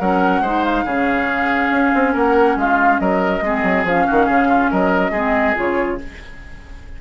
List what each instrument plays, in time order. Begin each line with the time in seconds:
0.00 bassoon F#3, clarinet C#4, oboe A#4, flute F#5
0.41 bassoon G#3, clarinet D#4, oboe C5
0.64 flute F5
0.85 bassoon C#3, clarinet C#4, oboe G#4
1.70 bassoon C#4
1.94 bassoon C4
2.13 bassoon A#3, oboe A#4, flute F#5
2.56 bassoon G#3, oboe F4, flute F5
2.99 bassoon F#3, oboe A#4, flute D#5
3.41 bassoon G#3, clarinet C4, oboe G#4
3.63 bassoon F#3
3.84 bassoon F3, clarinet C#4, flute F5
4.07 bassoon D#3, oboe F#4
4.26 bassoon C#3, oboe G#4
4.48 oboe F4
4.70 bassoon F#3, oboe A#4, flute D#5
5.11 bassoon G#3, clarinet C4, oboe G#4
5.55 bassoon C#3, clarinet F4, flute C#5